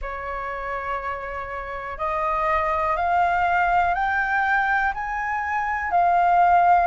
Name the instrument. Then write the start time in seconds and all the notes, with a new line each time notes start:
flute
0.01 C#5
1.98 D#5
2.96 F5
3.94 G5
4.94 G#5
5.91 F5